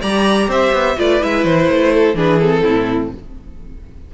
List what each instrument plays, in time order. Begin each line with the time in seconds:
0.00 cello G3, viola G4, violin D5 A#5
0.48 cello C4, violin C5 E5
0.72 cello B3
0.97 cello A3, viola F4, violin B4 D5
1.19 cello G#3, viola E4, violin E5
1.44 cello E3, violin C5
1.69 cello A3
1.93 violin A4
2.14 cello E3, viola D4, violin G#4 B4
2.39 viola C4, violin A4
2.63 cello A2, violin E4